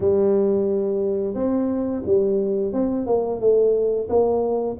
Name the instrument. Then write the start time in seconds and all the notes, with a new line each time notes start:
tuba
0.00 G3
1.34 C4
2.05 G3
2.72 C4
3.06 A#3
3.40 A3
4.09 A#3